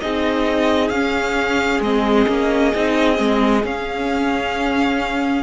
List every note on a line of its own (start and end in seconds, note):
0.00 0.90 C4
0.00 0.93 D#4
0.00 5.43 G#4
0.00 0.89 D#5
0.89 1.80 C#4
0.89 1.84 C#4
0.89 1.80 F5
1.80 2.26 G#3
1.80 2.27 C4
1.80 3.65 D#5
2.27 2.74 A#3
2.27 2.73 C#4
2.75 3.19 C4
2.75 3.15 D#4
3.15 3.64 G#3
3.15 3.60 C4
3.64 5.43 C#4
3.64 5.43 F5